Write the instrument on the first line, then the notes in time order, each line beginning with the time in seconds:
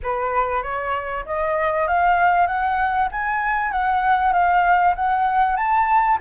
flute
0.02 B4
0.62 C#5
1.25 D#5
1.87 F5
2.46 F#5
3.11 G#5
3.71 F#5
4.32 F5
4.95 F#5
5.56 A5